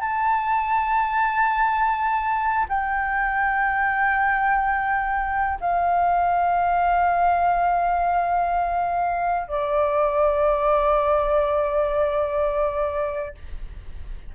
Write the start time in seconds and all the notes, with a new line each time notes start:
0.00 A5
2.68 G5
5.60 F5
9.48 D5